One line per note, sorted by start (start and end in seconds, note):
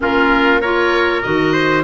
0.00 1.23 A#3
0.00 0.60 C#4
0.00 0.61 F4
0.00 0.61 A#4
0.61 1.23 F4
0.61 1.53 A#4
0.61 1.22 C#5
1.22 1.83 D#3
1.22 1.83 F#4
1.22 1.83 D#5
1.53 1.83 C5